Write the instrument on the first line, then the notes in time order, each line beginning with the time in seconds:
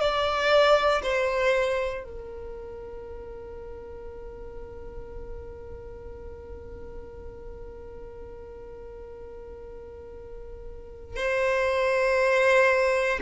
violin
0.00 D5
1.02 C5
2.04 A#4
11.16 C5